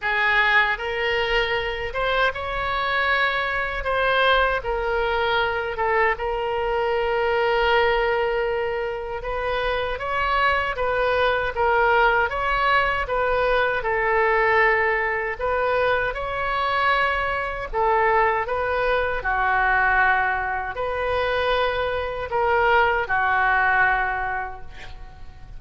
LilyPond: \new Staff \with { instrumentName = "oboe" } { \time 4/4 \tempo 4 = 78 gis'4 ais'4. c''8 cis''4~ | cis''4 c''4 ais'4. a'8 | ais'1 | b'4 cis''4 b'4 ais'4 |
cis''4 b'4 a'2 | b'4 cis''2 a'4 | b'4 fis'2 b'4~ | b'4 ais'4 fis'2 | }